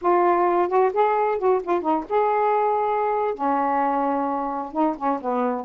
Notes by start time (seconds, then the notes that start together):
0.01 F4
0.68 F#4
0.93 G#4
1.38 F#4
1.63 F4
1.81 D#4
2.09 G#4
3.34 C#4
4.72 D#4
4.97 C#4
5.21 B3